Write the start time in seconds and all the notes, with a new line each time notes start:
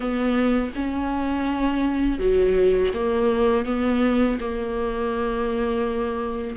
0.00 B3
0.75 C#4
2.18 F#3
2.94 A#3
3.65 B3
4.40 A#3